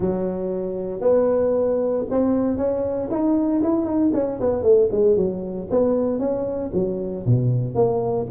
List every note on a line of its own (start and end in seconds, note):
0.00 1.00 F#3
1.00 2.04 B3
2.10 2.57 C4
2.57 3.08 C#4
3.10 3.62 D#4
3.62 3.85 E4
3.85 4.11 D#4
4.13 4.39 C#4
4.40 4.62 B3
4.62 4.88 A3
4.91 5.16 G#3
5.16 5.68 F#3
5.70 6.19 B3
6.19 6.71 C#4
6.73 7.25 F#3
7.25 7.74 B2
7.74 8.26 A#3